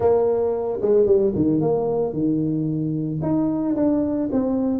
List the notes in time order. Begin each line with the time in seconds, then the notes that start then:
0.00 A#3
0.81 G#3
1.06 G3
1.35 D#3
1.60 A#3
2.13 D#3
3.22 D#4
3.76 D4
4.32 C4